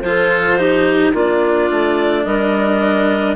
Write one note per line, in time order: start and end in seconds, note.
0.00 1.13 F3
0.00 0.58 F4
0.00 0.59 A4
0.00 1.11 C5
0.58 1.13 D#4
0.58 1.13 G4
1.13 1.69 A#3
1.13 3.35 D4
1.13 2.24 F4
1.13 2.25 D5
1.71 2.25 A3
2.24 3.35 G3
2.24 3.35 A#4
2.24 3.35 D#5